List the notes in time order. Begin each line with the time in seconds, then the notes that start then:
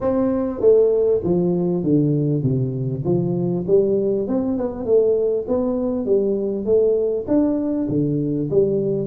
0.00 C4
0.60 A3
1.23 F3
1.83 D3
2.42 C3
3.05 F3
3.67 G3
4.27 C4
4.57 B3
4.85 A3
5.47 B3
6.05 G3
6.65 A3
7.27 D4
7.88 D3
8.50 G3